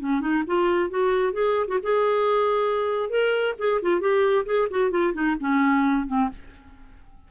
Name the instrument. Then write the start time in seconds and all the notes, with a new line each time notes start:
clarinet
0.00 C#4
0.21 D#4
0.47 F4
0.90 F#4
1.33 G#4
1.67 F#4
1.83 G#4
3.09 A#4
3.58 G#4
3.82 F4
4.00 G4
4.45 G#4
4.70 F#4
4.91 F4
5.13 D#4
5.40 C#4
6.07 C4